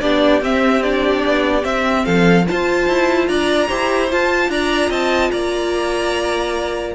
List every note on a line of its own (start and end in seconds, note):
0.00 0.42 B3
0.00 0.41 D4
0.00 2.05 G4
0.00 0.41 D5
0.41 0.82 C4
0.41 1.23 C4
0.41 0.83 E5
0.83 1.62 D4
0.83 1.64 D5
1.25 1.64 B3
1.62 2.44 C4
1.62 2.05 C4
1.62 2.05 E5
2.05 2.47 F3
2.05 2.45 A4
2.05 2.46 F5
2.47 3.69 F4
2.47 2.88 F4
2.47 3.29 C5
2.47 3.28 A5
2.88 3.28 E4
3.28 3.69 D4
3.28 3.67 D5
3.28 4.09 A#5
3.67 4.11 E4
3.67 4.09 G4
3.67 4.49 C5
4.10 6.94 F4
4.10 4.49 F4
4.10 4.50 A5
4.49 4.90 D4
4.49 4.89 D5
4.49 4.91 A#5
4.89 5.30 C4
4.89 5.30 D#5
4.89 5.31 A5
5.31 6.94 A#3
5.31 6.94 D5
5.31 6.94 A#5